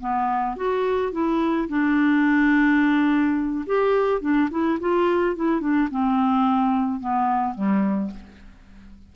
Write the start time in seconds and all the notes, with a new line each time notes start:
0.00 B3
0.56 F#4
1.12 E4
1.69 D4
3.66 G4
4.21 D4
4.51 E4
4.80 F4
5.36 E4
5.60 D4
5.91 C4
7.00 B3
7.54 G3